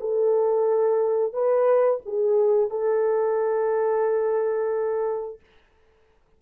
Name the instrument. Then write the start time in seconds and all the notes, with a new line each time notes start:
horn
0.00 A4
1.33 B4
2.05 G#4
2.70 A4